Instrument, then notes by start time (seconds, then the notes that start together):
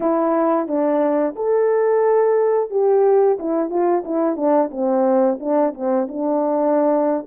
horn
0.00 E4
0.67 D4
1.35 A4
2.70 G4
3.39 E4
3.70 F4
4.04 E4
4.36 D4
4.71 C4
5.40 D4
5.74 C4
6.08 D4